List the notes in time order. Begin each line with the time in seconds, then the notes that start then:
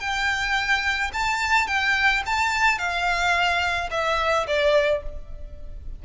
0.00 G5
1.13 A5
1.67 G5
2.26 A5
2.78 F5
3.91 E5
4.47 D5